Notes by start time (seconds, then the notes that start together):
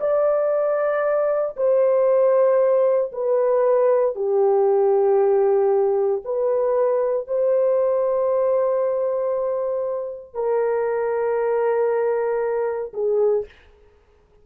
0.00 D5
1.56 C5
3.12 B4
4.15 G4
6.24 B4
7.27 C5
10.33 A#4
12.93 G#4